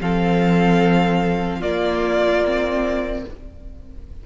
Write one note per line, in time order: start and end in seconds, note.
0.00 1.62 F3
0.00 1.62 C4
0.00 1.58 A4
0.00 1.61 F5
1.58 2.43 A#3
1.58 3.24 A#3
1.58 3.20 F4
1.58 3.23 D5
2.45 3.26 C4